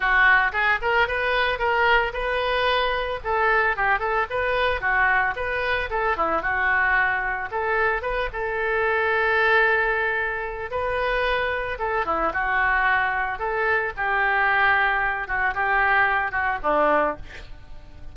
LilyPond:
\new Staff \with { instrumentName = "oboe" } { \time 4/4 \tempo 4 = 112 fis'4 gis'8 ais'8 b'4 ais'4 | b'2 a'4 g'8 a'8 | b'4 fis'4 b'4 a'8 e'8 | fis'2 a'4 b'8 a'8~ |
a'1 | b'2 a'8 e'8 fis'4~ | fis'4 a'4 g'2~ | g'8 fis'8 g'4. fis'8 d'4 | }